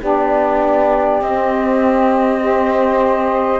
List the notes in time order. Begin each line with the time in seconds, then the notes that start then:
0.00 B3 D4 G4 D5
1.21 C4 D#5
2.40 G4 C5